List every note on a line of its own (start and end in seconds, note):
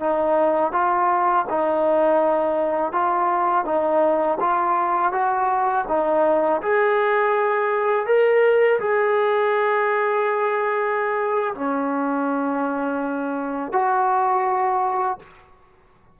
0.00 0.73 D#4
0.73 1.46 F4
1.50 2.92 D#4
2.92 3.65 F4
3.65 4.38 D#4
4.40 5.12 F4
5.12 5.85 F#4
5.88 6.62 D#4
6.62 8.06 G#4
8.06 8.79 A#4
8.80 11.54 G#4
11.55 13.73 C#4
13.73 15.19 F#4